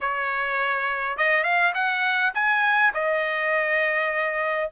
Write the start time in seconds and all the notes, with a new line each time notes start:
0.01 C#5
1.17 D#5
1.43 F5
1.74 F#5
2.34 G#5
2.94 D#5